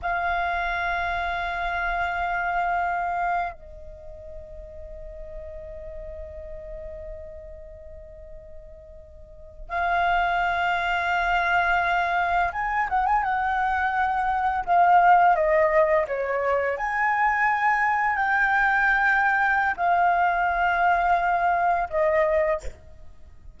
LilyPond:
\new Staff \with { instrumentName = "flute" } { \time 4/4 \tempo 4 = 85 f''1~ | f''4 dis''2.~ | dis''1~ | dis''4.~ dis''16 f''2~ f''16~ |
f''4.~ f''16 gis''8 fis''16 gis''16 fis''4~ fis''16~ | fis''8. f''4 dis''4 cis''4 gis''16~ | gis''4.~ gis''16 g''2~ g''16 | f''2. dis''4 | }